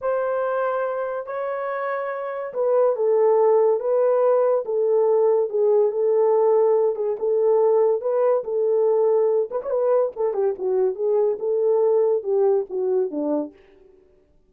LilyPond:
\new Staff \with { instrumentName = "horn" } { \time 4/4 \tempo 4 = 142 c''2. cis''4~ | cis''2 b'4 a'4~ | a'4 b'2 a'4~ | a'4 gis'4 a'2~ |
a'8 gis'8 a'2 b'4 | a'2~ a'8 b'16 cis''16 b'4 | a'8 g'8 fis'4 gis'4 a'4~ | a'4 g'4 fis'4 d'4 | }